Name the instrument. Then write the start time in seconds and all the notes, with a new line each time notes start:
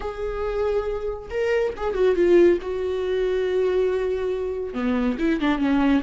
viola
0.00 G#4
1.30 A#4
1.76 G#4
1.94 F#4
2.15 F4
2.61 F#4
4.73 B3
5.18 E4
5.40 D4
5.58 C#4